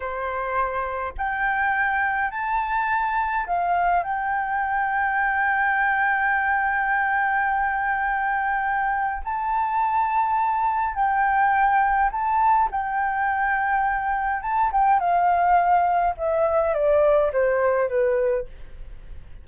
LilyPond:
\new Staff \with { instrumentName = "flute" } { \time 4/4 \tempo 4 = 104 c''2 g''2 | a''2 f''4 g''4~ | g''1~ | g''1 |
a''2. g''4~ | g''4 a''4 g''2~ | g''4 a''8 g''8 f''2 | e''4 d''4 c''4 b'4 | }